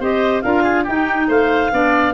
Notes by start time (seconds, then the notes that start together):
0.00 C4 G4 C5 D#5
0.42 D4 F4 A#4 F5
0.63 G#4
0.84 D#4 G4 G5
1.28 A3 C5 F5
1.72 B3 D4 D5